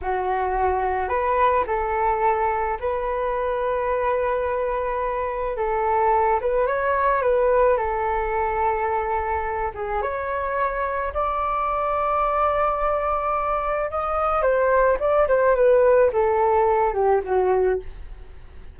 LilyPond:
\new Staff \with { instrumentName = "flute" } { \time 4/4 \tempo 4 = 108 fis'2 b'4 a'4~ | a'4 b'2.~ | b'2 a'4. b'8 | cis''4 b'4 a'2~ |
a'4. gis'8 cis''2 | d''1~ | d''4 dis''4 c''4 d''8 c''8 | b'4 a'4. g'8 fis'4 | }